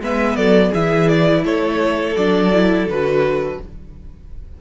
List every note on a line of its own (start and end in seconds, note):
0.00 0.36 G#3
0.00 0.73 B3
0.00 0.36 B4
0.00 0.36 E5
0.36 0.72 F#3
0.36 0.70 A4
0.36 0.71 D5
0.70 1.44 E3
0.70 2.16 E4
0.70 1.41 G#4
0.70 1.08 E5
1.08 1.44 D5
1.44 2.15 A3
1.44 3.59 A4
1.44 2.16 C#5
2.16 2.86 F#3
2.16 2.53 D4
2.16 2.87 D5
2.53 2.88 E4
2.86 3.58 D3
2.86 3.61 F#4
2.86 3.60 B4